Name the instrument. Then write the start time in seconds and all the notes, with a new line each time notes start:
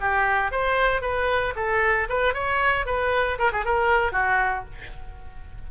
oboe
0.00 G4
0.51 C5
1.01 B4
1.56 A4
2.09 B4
2.34 C#5
2.86 B4
3.38 A#4
3.52 G#4
3.65 A#4
4.12 F#4